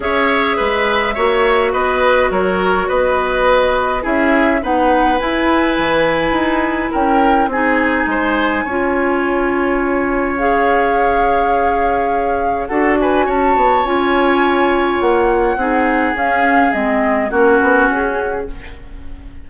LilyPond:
<<
  \new Staff \with { instrumentName = "flute" } { \time 4/4 \tempo 4 = 104 e''2. dis''4 | cis''4 dis''2 e''4 | fis''4 gis''2. | g''4 gis''2.~ |
gis''2 f''2~ | f''2 fis''8 gis''8 a''4 | gis''2 fis''2 | f''4 dis''4 ais'4 gis'4 | }
  \new Staff \with { instrumentName = "oboe" } { \time 4/4 cis''4 b'4 cis''4 b'4 | ais'4 b'2 gis'4 | b'1 | ais'4 gis'4 c''4 cis''4~ |
cis''1~ | cis''2 a'8 b'8 cis''4~ | cis''2. gis'4~ | gis'2 fis'2 | }
  \new Staff \with { instrumentName = "clarinet" } { \time 4/4 gis'2 fis'2~ | fis'2. e'4 | dis'4 e'2.~ | e'4 dis'2 f'4~ |
f'2 gis'2~ | gis'2 fis'2 | f'2. dis'4 | cis'4 c'4 cis'2 | }
  \new Staff \with { instrumentName = "bassoon" } { \time 4/4 cis'4 gis4 ais4 b4 | fis4 b2 cis'4 | b4 e'4 e4 dis'4 | cis'4 c'4 gis4 cis'4~ |
cis'1~ | cis'2 d'4 cis'8 b8 | cis'2 ais4 c'4 | cis'4 gis4 ais8 b8 cis'4 | }
>>